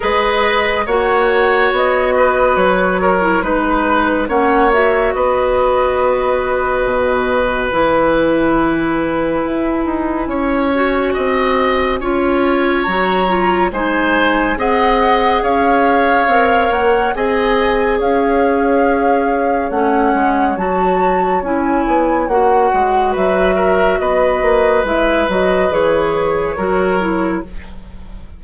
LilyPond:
<<
  \new Staff \with { instrumentName = "flute" } { \time 4/4 \tempo 4 = 70 dis''4 fis''4 dis''4 cis''4 | b'4 fis''8 e''8 dis''2~ | dis''4 gis''2.~ | gis''2. ais''4 |
gis''4 fis''4 f''4. fis''8 | gis''4 f''2 fis''4 | a''4 gis''4 fis''4 e''4 | dis''4 e''8 dis''8 cis''2 | }
  \new Staff \with { instrumentName = "oboe" } { \time 4/4 b'4 cis''4. b'4 ais'8 | b'4 cis''4 b'2~ | b'1 | cis''4 dis''4 cis''2 |
c''4 dis''4 cis''2 | dis''4 cis''2.~ | cis''2. b'8 ais'8 | b'2. ais'4 | }
  \new Staff \with { instrumentName = "clarinet" } { \time 4/4 gis'4 fis'2~ fis'8. e'16 | dis'4 cis'8 fis'2~ fis'8~ | fis'4 e'2.~ | e'8 fis'4. f'4 fis'8 f'8 |
dis'4 gis'2 ais'4 | gis'2. cis'4 | fis'4 e'4 fis'2~ | fis'4 e'8 fis'8 gis'4 fis'8 e'8 | }
  \new Staff \with { instrumentName = "bassoon" } { \time 4/4 gis4 ais4 b4 fis4 | gis4 ais4 b2 | b,4 e2 e'8 dis'8 | cis'4 c'4 cis'4 fis4 |
gis4 c'4 cis'4 c'8 ais8 | c'4 cis'2 a8 gis8 | fis4 cis'8 b8 ais8 gis8 fis4 | b8 ais8 gis8 fis8 e4 fis4 | }
>>